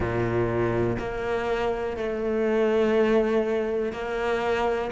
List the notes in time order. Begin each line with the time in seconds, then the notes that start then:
0.00 A#2
0.98 A#3
1.96 A3
3.92 A#3